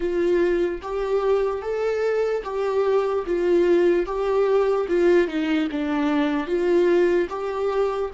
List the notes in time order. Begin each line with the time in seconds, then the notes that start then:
0.00 F4
0.81 G4
1.62 A4
2.43 G4
3.26 F4
4.05 G4
4.88 F4
5.27 D#4
5.71 D4
6.46 F4
7.29 G4